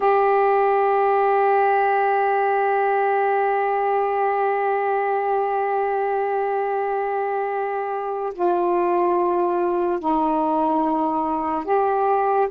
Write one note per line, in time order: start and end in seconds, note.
0.00 8.33 G4
8.34 9.99 F4
9.99 11.64 D#4
11.64 12.48 G4